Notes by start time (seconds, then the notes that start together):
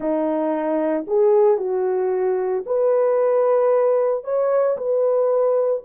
0.00 D#4
1.07 G#4
1.57 F#4
2.65 B4
4.23 C#5
4.77 B4